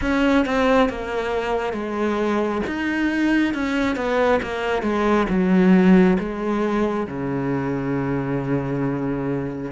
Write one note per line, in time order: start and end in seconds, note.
0.01 0.45 C#4
0.45 0.89 C4
0.89 1.73 A#3
1.73 2.61 G#3
2.67 3.53 D#4
3.53 3.95 C#4
3.95 4.40 B3
4.42 4.82 A#3
4.82 5.26 G#3
5.29 6.17 F#3
6.19 7.06 G#3
7.06 9.71 C#3